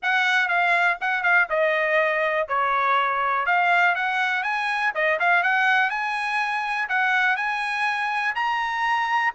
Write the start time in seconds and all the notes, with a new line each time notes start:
0.02 F#5
0.48 F5
1.00 F#5
1.23 F5
1.49 D#5
2.47 C#5
3.46 F5
3.95 F#5
4.43 G#5
4.94 D#5
5.19 F5
5.43 F#5
5.90 G#5
6.88 F#5
7.36 G#5
8.35 A#5